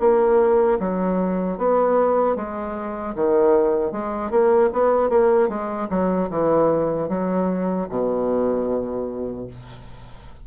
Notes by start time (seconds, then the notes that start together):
0.00 A#3
0.80 F#3
1.58 B3
2.36 G#3
3.15 D#3
3.92 G#3
4.31 A#3
4.73 B3
5.10 A#3
5.49 G#3
5.90 F#3
6.30 E3
7.09 F#3
7.89 B2